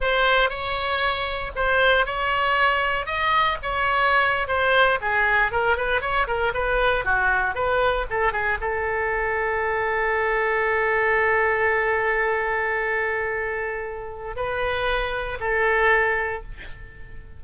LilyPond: \new Staff \with { instrumentName = "oboe" } { \time 4/4 \tempo 4 = 117 c''4 cis''2 c''4 | cis''2 dis''4 cis''4~ | cis''8. c''4 gis'4 ais'8 b'8 cis''16~ | cis''16 ais'8 b'4 fis'4 b'4 a'16~ |
a'16 gis'8 a'2.~ a'16~ | a'1~ | a'1 | b'2 a'2 | }